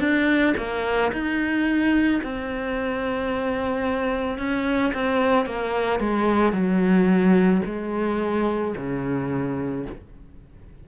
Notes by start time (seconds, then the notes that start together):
0.00 D4
0.58 A#3
1.13 D#4
2.24 C4
4.39 C#4
4.94 C4
5.46 A#3
6.00 G#3
6.53 F#3
7.66 G#3
8.77 C#3